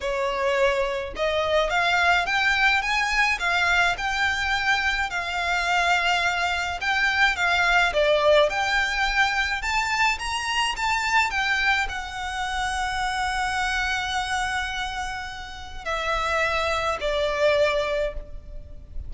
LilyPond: \new Staff \with { instrumentName = "violin" } { \time 4/4 \tempo 4 = 106 cis''2 dis''4 f''4 | g''4 gis''4 f''4 g''4~ | g''4 f''2. | g''4 f''4 d''4 g''4~ |
g''4 a''4 ais''4 a''4 | g''4 fis''2.~ | fis''1 | e''2 d''2 | }